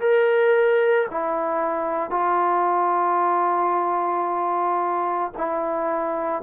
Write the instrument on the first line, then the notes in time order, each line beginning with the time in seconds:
trombone
0.00 A#4
1.11 E4
2.11 F4
5.38 E4